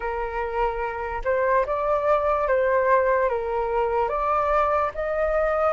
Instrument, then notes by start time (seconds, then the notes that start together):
flute
0.00 A#4
1.24 C5
1.66 D5
2.47 C5
3.29 A#4
4.08 D5
4.94 D#5